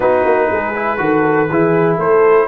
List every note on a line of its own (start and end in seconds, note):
0.00 0.24 B3
0.00 0.74 D#4
0.00 0.49 F#4
0.00 1.97 B4
0.24 0.49 A#3
0.51 0.99 G#3
0.51 1.01 G#4
0.75 0.97 E4
0.97 1.49 D#3
0.97 1.47 F#4
0.97 1.50 A4
1.50 1.98 E3
1.50 2.48 E4
1.50 1.97 G#4
1.97 2.47 A3
1.97 2.46 A4
1.97 2.48 C5